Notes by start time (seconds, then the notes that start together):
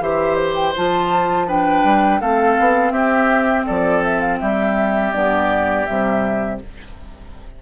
0.00 E3 G4 C5 E5
0.35 C5
0.55 G5
0.76 F3 F4 A5
1.47 D4 B4 G5
1.84 G3
2.21 A3 C4 A4 F5
2.59 B3
2.91 C4 G4 E5
3.66 F3 A4 D5
4.04 E5
4.20 F5
4.40 G3 G4 E5
5.13 G2 B3 D5
5.86 C3 G3 E5